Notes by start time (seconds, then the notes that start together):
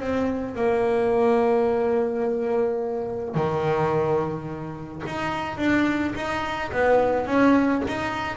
0.00 C4
0.55 A#3
3.35 D#3
5.06 D#4
5.57 D4
6.15 D#4
6.71 B3
7.26 C#4
7.87 D#4